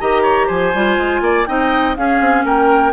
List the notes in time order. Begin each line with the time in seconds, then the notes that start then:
0.00 D#3 G4 D#5 A#5
0.22 C#5
0.47 F3 C5 G#5
0.74 G3 F4
0.98 G#3
1.21 A#3 D5
1.46 C4 D#4 D#5 G5
1.96 C#4 G#4 F5
2.20 C4
2.44 A#3 A#4 G5